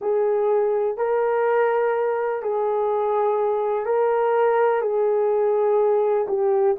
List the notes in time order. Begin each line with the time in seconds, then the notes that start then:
0.00 G#4
0.97 A#4
2.42 G#4
3.85 A#4
4.81 G#4
6.27 G4